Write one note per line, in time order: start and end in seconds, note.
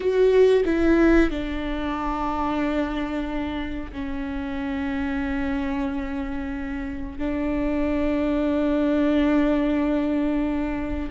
0.00 0.63 F#4
0.65 1.30 E4
1.30 3.91 D4
3.92 7.18 C#4
7.18 11.09 D4